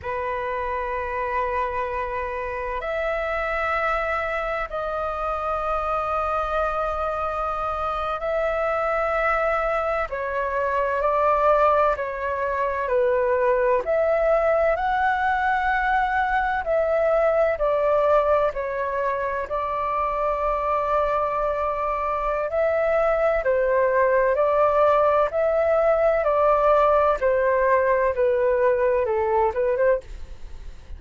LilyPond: \new Staff \with { instrumentName = "flute" } { \time 4/4 \tempo 4 = 64 b'2. e''4~ | e''4 dis''2.~ | dis''8. e''2 cis''4 d''16~ | d''8. cis''4 b'4 e''4 fis''16~ |
fis''4.~ fis''16 e''4 d''4 cis''16~ | cis''8. d''2.~ d''16 | e''4 c''4 d''4 e''4 | d''4 c''4 b'4 a'8 b'16 c''16 | }